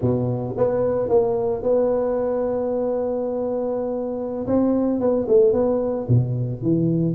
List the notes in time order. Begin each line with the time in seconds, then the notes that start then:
0.01 B2
0.57 B3
1.08 A#3
1.62 B3
4.46 C4
5.00 B3
5.28 A3
5.53 B3
6.08 B2
6.62 E3